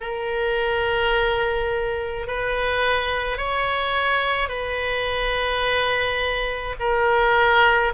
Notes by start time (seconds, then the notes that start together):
0.01 A#4
2.26 B4
3.37 C#5
4.49 B4
6.79 A#4